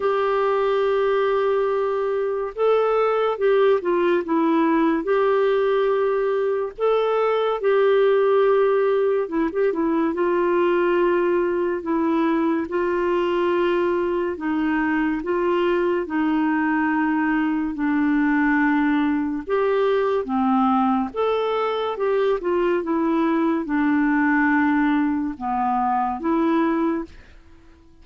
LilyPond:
\new Staff \with { instrumentName = "clarinet" } { \time 4/4 \tempo 4 = 71 g'2. a'4 | g'8 f'8 e'4 g'2 | a'4 g'2 e'16 g'16 e'8 | f'2 e'4 f'4~ |
f'4 dis'4 f'4 dis'4~ | dis'4 d'2 g'4 | c'4 a'4 g'8 f'8 e'4 | d'2 b4 e'4 | }